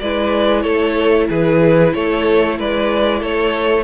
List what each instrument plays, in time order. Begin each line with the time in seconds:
0.00 cello G#3, viola E4, violin B4 D5
0.62 cello A3, violin A4 C#5
1.29 cello E3, violin G#4 B4
1.94 cello A3, violin A4 C#5
2.59 cello G#3, violin B4 D5
3.20 cello A3, violin A4 C#5